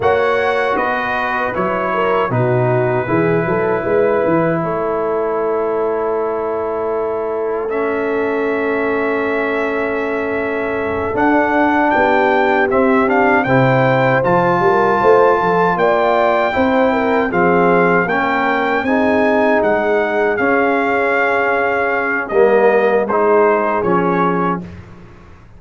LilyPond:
<<
  \new Staff \with { instrumentName = "trumpet" } { \time 4/4 \tempo 4 = 78 fis''4 dis''4 cis''4 b'4~ | b'2 cis''2~ | cis''2 e''2~ | e''2~ e''8 fis''4 g''8~ |
g''8 e''8 f''8 g''4 a''4.~ | a''8 g''2 f''4 g''8~ | g''8 gis''4 fis''4 f''4.~ | f''4 dis''4 c''4 cis''4 | }
  \new Staff \with { instrumentName = "horn" } { \time 4/4 cis''4 b'4. ais'8 fis'4 | gis'8 a'8 b'4 a'2~ | a'1~ | a'2.~ a'8 g'8~ |
g'4. c''4. ais'8 c''8 | a'8 d''4 c''8 ais'8 gis'4 ais'8~ | ais'8 gis'2.~ gis'8~ | gis'4 ais'4 gis'2 | }
  \new Staff \with { instrumentName = "trombone" } { \time 4/4 fis'2 e'4 dis'4 | e'1~ | e'2 cis'2~ | cis'2~ cis'8 d'4.~ |
d'8 c'8 d'8 e'4 f'4.~ | f'4. e'4 c'4 cis'8~ | cis'8 dis'2 cis'4.~ | cis'4 ais4 dis'4 cis'4 | }
  \new Staff \with { instrumentName = "tuba" } { \time 4/4 ais4 b4 fis4 b,4 | e8 fis8 gis8 e8 a2~ | a1~ | a2~ a8 d'4 b8~ |
b8 c'4 c4 f8 g8 a8 | f8 ais4 c'4 f4 ais8~ | ais8 c'4 gis4 cis'4.~ | cis'4 g4 gis4 f4 | }
>>